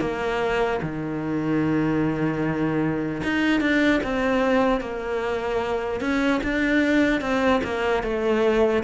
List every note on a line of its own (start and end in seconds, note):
0.00 0.80 A#3
0.82 3.22 D#3
3.23 3.61 D#4
3.61 4.01 D4
4.04 4.80 C4
4.80 6.00 A#3
6.01 6.41 C#4
6.44 7.21 D4
7.21 7.61 C4
7.64 8.03 A#3
8.03 8.83 A3